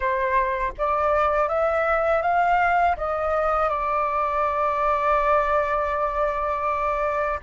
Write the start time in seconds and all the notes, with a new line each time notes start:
0.00 C5
0.78 D5
1.48 E5
2.22 F5
2.96 D#5
3.69 D5